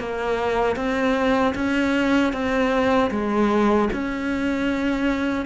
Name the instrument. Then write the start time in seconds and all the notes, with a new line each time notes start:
cello
0.00 A#3
0.77 C4
1.55 C#4
2.33 C4
3.11 G#3
3.93 C#4